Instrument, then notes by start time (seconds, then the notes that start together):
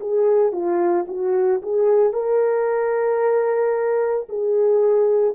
horn
0.00 G#4
0.52 F4
1.08 F#4
1.62 G#4
2.13 A#4
4.29 G#4